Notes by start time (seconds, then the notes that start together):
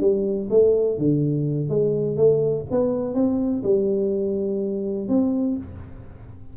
0.00 G3
0.49 A3
0.98 D3
1.69 G#3
2.16 A3
2.71 B3
3.14 C4
3.63 G3
5.08 C4